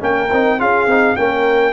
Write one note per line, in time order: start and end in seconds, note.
0.00 0.32 A#3
0.00 0.29 C#4
0.00 0.59 A#4
0.00 0.61 G5
0.33 0.61 C4
0.33 0.59 D#4
0.59 0.87 C#4
0.59 0.88 F4
0.59 1.17 G#4
0.59 1.17 F5
0.87 1.16 C4
0.87 1.17 D#4
1.17 1.74 A#3
1.17 1.74 C#4
1.17 1.74 A#4
1.17 1.74 G5